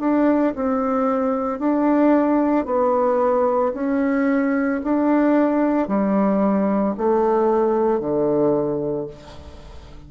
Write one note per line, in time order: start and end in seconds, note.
0.00 0.54 D4
0.56 1.59 C4
1.59 2.65 D4
2.65 3.73 B3
3.74 4.81 C#4
4.84 5.88 D4
5.88 6.95 G3
6.97 8.00 A3
8.00 9.07 D3